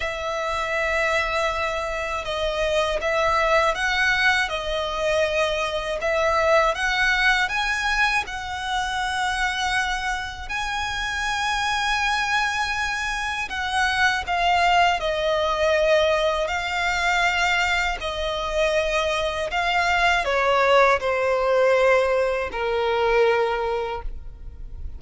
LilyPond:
\new Staff \with { instrumentName = "violin" } { \time 4/4 \tempo 4 = 80 e''2. dis''4 | e''4 fis''4 dis''2 | e''4 fis''4 gis''4 fis''4~ | fis''2 gis''2~ |
gis''2 fis''4 f''4 | dis''2 f''2 | dis''2 f''4 cis''4 | c''2 ais'2 | }